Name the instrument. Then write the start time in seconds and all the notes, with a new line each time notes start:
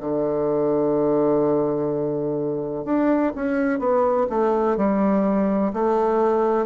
bassoon
0.00 D3
2.85 D4
3.35 C#4
3.79 B3
4.29 A3
4.77 G3
5.73 A3